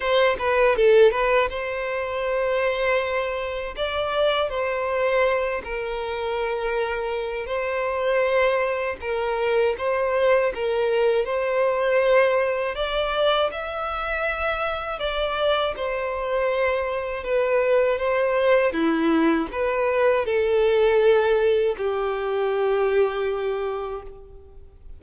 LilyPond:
\new Staff \with { instrumentName = "violin" } { \time 4/4 \tempo 4 = 80 c''8 b'8 a'8 b'8 c''2~ | c''4 d''4 c''4. ais'8~ | ais'2 c''2 | ais'4 c''4 ais'4 c''4~ |
c''4 d''4 e''2 | d''4 c''2 b'4 | c''4 e'4 b'4 a'4~ | a'4 g'2. | }